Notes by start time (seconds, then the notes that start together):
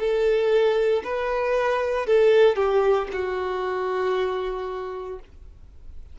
0.00 A4
1.04 B4
2.07 A4
2.56 G4
3.13 F#4